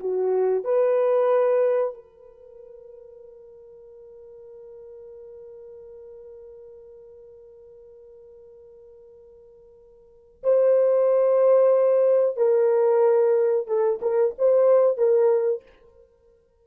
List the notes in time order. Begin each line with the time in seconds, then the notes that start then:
0.00 F#4
0.64 B4
1.94 A#4
10.43 C5
12.37 A#4
13.67 A4
14.02 A#4
14.38 C5
14.97 A#4